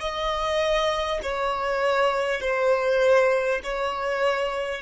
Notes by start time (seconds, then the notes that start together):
0.00 D#5
1.22 C#5
2.40 C5
3.63 C#5